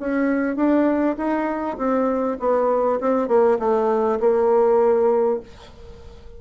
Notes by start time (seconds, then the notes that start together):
0.00 C#4
0.56 D4
1.18 D#4
1.78 C4
2.40 B3
3.01 C4
3.29 A#3
3.60 A3
4.21 A#3